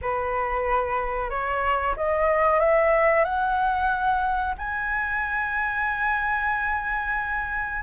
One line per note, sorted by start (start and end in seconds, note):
0.01 1.30 B4
1.30 1.95 C#5
1.96 2.59 D#5
2.59 3.24 E5
3.24 4.54 F#5
4.58 7.82 G#5